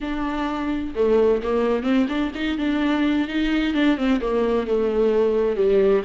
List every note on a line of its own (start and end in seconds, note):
0.00 0.93 D4
0.95 1.41 A3
1.42 1.83 A#3
1.83 2.06 C4
2.08 2.32 D4
2.34 2.58 D#4
2.58 3.27 D4
3.27 3.74 D#4
3.74 3.97 D4
3.97 4.20 C4
4.20 4.66 A#3
4.66 5.56 A3
5.56 6.02 G3